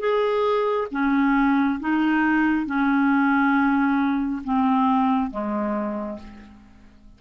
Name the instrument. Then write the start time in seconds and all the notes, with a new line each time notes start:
clarinet
0.00 G#4
0.92 C#4
1.80 D#4
2.66 C#4
4.44 C4
5.31 G#3